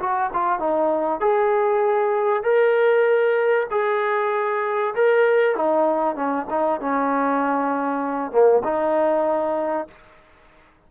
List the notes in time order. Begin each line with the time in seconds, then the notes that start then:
0.00 F#4
0.33 F4
0.60 D#4
1.21 G#4
2.44 A#4
3.71 G#4
4.95 A#4
5.56 D#4
6.16 C#4
6.51 D#4
6.81 C#4
8.32 A#3
8.65 D#4